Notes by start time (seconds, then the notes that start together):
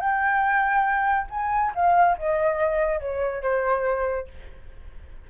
0.00 G5
1.30 G#5
1.75 F5
2.18 D#5
3.00 C#5
3.43 C5